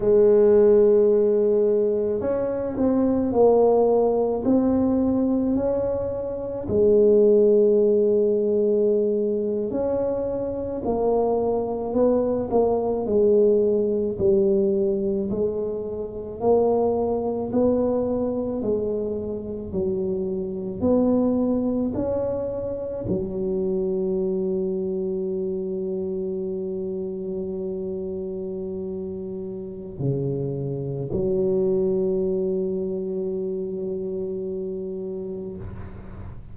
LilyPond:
\new Staff \with { instrumentName = "tuba" } { \time 4/4 \tempo 4 = 54 gis2 cis'8 c'8 ais4 | c'4 cis'4 gis2~ | gis8. cis'4 ais4 b8 ais8 gis16~ | gis8. g4 gis4 ais4 b16~ |
b8. gis4 fis4 b4 cis'16~ | cis'8. fis2.~ fis16~ | fis2. cis4 | fis1 | }